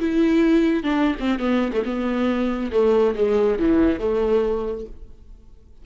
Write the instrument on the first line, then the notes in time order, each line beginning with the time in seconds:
viola
0.00 E4
0.84 D4
1.20 C4
1.40 B3
1.73 A3
1.85 B3
2.72 A3
3.16 G#3
3.59 E3
4.00 A3